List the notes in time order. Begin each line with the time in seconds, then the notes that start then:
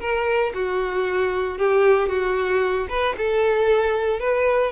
0.00 A#4
0.54 F#4
1.58 G4
2.09 F#4
2.89 B4
3.18 A4
4.20 B4